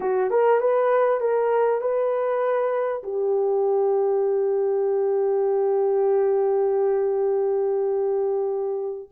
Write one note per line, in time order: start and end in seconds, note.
0.00 0.30 F#4
0.30 0.60 A#4
0.60 1.20 B4
1.20 1.81 A#4
1.81 3.02 B4
3.03 9.09 G4